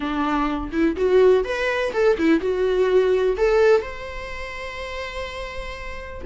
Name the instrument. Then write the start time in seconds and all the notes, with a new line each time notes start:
viola
0.00 D4
0.72 E4
0.96 F#4
1.44 B4
1.93 A4
2.17 E4
2.40 F#4
3.37 A4
3.81 C5